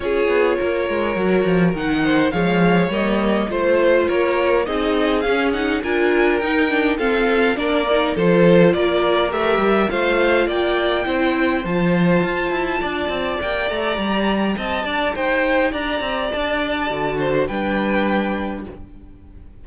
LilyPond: <<
  \new Staff \with { instrumentName = "violin" } { \time 4/4 \tempo 4 = 103 cis''2. fis''4 | f''4 dis''4 c''4 cis''4 | dis''4 f''8 fis''8 gis''4 g''4 | f''4 d''4 c''4 d''4 |
e''4 f''4 g''2 | a''2. g''8 ais''8~ | ais''4 a''4 g''4 ais''4 | a''2 g''2 | }
  \new Staff \with { instrumentName = "violin" } { \time 4/4 gis'4 ais'2~ ais'8 c''8 | cis''2 c''4 ais'4 | gis'2 ais'2 | a'4 ais'4 a'4 ais'4~ |
ais'4 c''4 d''4 c''4~ | c''2 d''2~ | d''4 dis''8 d''8 c''4 d''4~ | d''4. c''8 b'2 | }
  \new Staff \with { instrumentName = "viola" } { \time 4/4 f'2 fis'4 dis'4 | gis4 ais4 f'2 | dis'4 cis'8 dis'8 f'4 dis'8 d'8 | c'4 d'8 dis'8 f'2 |
g'4 f'2 e'4 | f'2. g'4~ | g'1~ | g'4 fis'4 d'2 | }
  \new Staff \with { instrumentName = "cello" } { \time 4/4 cis'8 b8 ais8 gis8 fis8 f8 dis4 | f4 g4 a4 ais4 | c'4 cis'4 d'4 dis'4 | f'4 ais4 f4 ais4 |
a8 g8 a4 ais4 c'4 | f4 f'8 e'8 d'8 c'8 ais8 a8 | g4 c'8 d'8 dis'4 d'8 c'8 | d'4 d4 g2 | }
>>